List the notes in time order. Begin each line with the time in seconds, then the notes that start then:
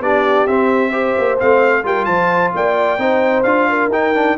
0.00 B3 D4 G4 D5
0.47 C4 E5
0.90 G4 C5
1.18 A#3
1.39 A3 C4 F5
1.84 G3 F4 A#4 G5
2.05 F3 C5 A5
2.54 A#3 D5 G5
2.98 C4 D#4 C5
3.43 D4 F4 F5
3.69 A#4
3.88 D#4 G5
4.15 D4